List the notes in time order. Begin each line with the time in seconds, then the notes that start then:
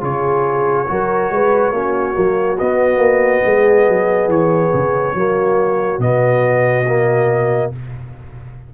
0.00 C#3 F4 G#4 C#5
0.87 F#3 F#4 A#4
1.30 G#3 B4
1.71 A#3 C#4 F#4
2.14 F#3 A#3
2.58 B3 D#5
2.97 A#3
3.44 G#3 G#4
3.88 F#3
4.27 E3 C#5
4.74 C#3
5.14 F#3 A#3 F#4
5.99 B2 B3 D#5
6.86 A#3